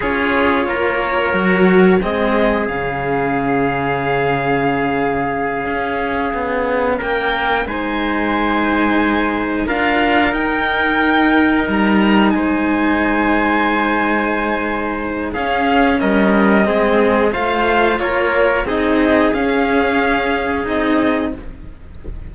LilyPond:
<<
  \new Staff \with { instrumentName = "violin" } { \time 4/4 \tempo 4 = 90 cis''2. dis''4 | f''1~ | f''2~ f''8 g''4 gis''8~ | gis''2~ gis''8 f''4 g''8~ |
g''4. ais''4 gis''4.~ | gis''2. f''4 | dis''2 f''4 cis''4 | dis''4 f''2 dis''4 | }
  \new Staff \with { instrumentName = "trumpet" } { \time 4/4 gis'4 ais'2 gis'4~ | gis'1~ | gis'2~ gis'8 ais'4 c''8~ | c''2~ c''8 ais'4.~ |
ais'2~ ais'8 c''4.~ | c''2. gis'4 | ais'4 gis'4 c''4 ais'4 | gis'1 | }
  \new Staff \with { instrumentName = "cello" } { \time 4/4 f'2 fis'4 c'4 | cis'1~ | cis'2.~ cis'8 dis'8~ | dis'2~ dis'8 f'4 dis'8~ |
dis'1~ | dis'2. cis'4~ | cis'4 c'4 f'2 | dis'4 cis'2 dis'4 | }
  \new Staff \with { instrumentName = "cello" } { \time 4/4 cis'4 ais4 fis4 gis4 | cis1~ | cis8 cis'4 b4 ais4 gis8~ | gis2~ gis8 d'4 dis'8~ |
dis'4. g4 gis4.~ | gis2. cis'4 | g4 gis4 a4 ais4 | c'4 cis'2 c'4 | }
>>